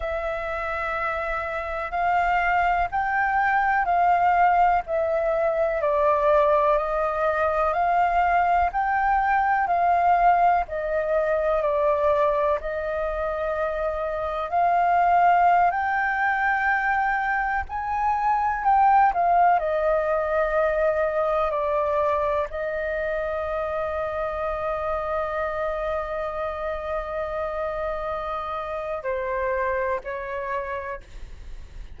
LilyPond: \new Staff \with { instrumentName = "flute" } { \time 4/4 \tempo 4 = 62 e''2 f''4 g''4 | f''4 e''4 d''4 dis''4 | f''4 g''4 f''4 dis''4 | d''4 dis''2 f''4~ |
f''16 g''2 gis''4 g''8 f''16~ | f''16 dis''2 d''4 dis''8.~ | dis''1~ | dis''2 c''4 cis''4 | }